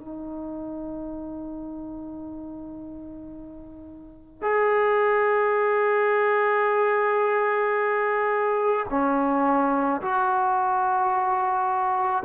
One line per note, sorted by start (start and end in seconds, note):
0.00 4.42 D#4
4.42 8.86 G#4
8.90 10.01 C#4
10.01 12.23 F#4